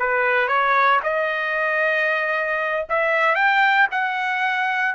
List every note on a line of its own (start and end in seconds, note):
0.00 0.48 B4
0.48 1.01 C#5
1.04 2.86 D#5
2.90 3.36 E5
3.36 3.88 G5
3.92 4.96 F#5